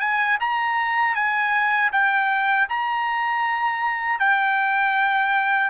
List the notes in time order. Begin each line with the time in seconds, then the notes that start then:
0.00 G#5
0.40 A#5
1.15 G#5
1.92 G5
2.69 A#5
4.20 G5